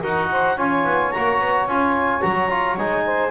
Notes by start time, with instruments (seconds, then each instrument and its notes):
0.00 double bass D#4, trombone F#4, saxophone A#4, clarinet F#5
0.31 saxophone C5
0.57 double bass C#4, trombone F4, saxophone C#5, clarinet G#5
0.84 double bass B3
1.11 double bass A#3, trombone F#4, clarinet A#5
1.40 double bass B3
1.67 double bass C#4, trombone F4, clarinet G#5
2.21 double bass F#3, trombone F#4, clarinet A#5
2.50 trombone F4
2.77 double bass G#3, trombone D#4, clarinet G#5
3.05 saxophone C5